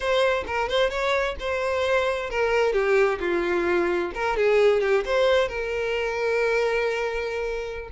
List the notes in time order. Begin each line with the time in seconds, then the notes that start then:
0.00 C5
0.46 A#4
0.68 C5
0.90 C#5
1.39 C5
2.29 A#4
2.73 G4
3.20 F4
4.14 A#4
4.37 G#4
4.81 G4
5.05 C5
5.48 A#4